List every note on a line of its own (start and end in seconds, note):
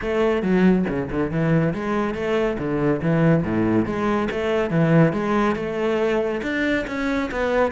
0.01 0.42 A3
0.42 0.85 F#3
0.88 1.10 C#3
1.10 1.30 D3
1.30 1.73 E3
1.74 2.14 G#3
2.14 2.57 A3
2.58 3.01 D3
3.01 3.43 E3
3.43 3.85 A2
3.85 4.28 G#3
4.31 4.70 A3
4.70 5.12 E3
5.12 5.55 G#3
5.55 6.41 A3
6.42 6.85 D4
6.87 7.30 C#4
7.31 7.71 B3